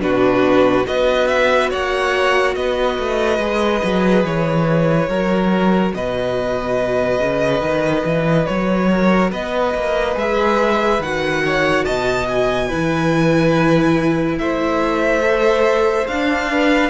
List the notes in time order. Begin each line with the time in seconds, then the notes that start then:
0.00 B2 D4 F#4 B4
0.85 B3 F#4 B4 D#5
1.28 E5
1.70 A#3 C#5 F#5
2.55 B3 B4 D#5
2.99 A3
3.39 G#3 G#4
3.84 F#3
4.24 E3 C#5
5.08 F#3 F#4 A#4
5.95 B2 B4 D#5
7.20 C#3
7.61 D#3
8.05 E3
8.46 F#3 C#5
8.90 A#4
9.32 B3 B4 D#5
9.75 A#3
10.15 G#3 G#4 E5
11.00 D#3 F#4 F#5
11.46 C#5
11.85 B2 D#5 A5
12.29 G#5
12.68 E3 E4 B4
14.38 A3 C5 E5
15.22 A4
16.07 D4 F5
16.52 B4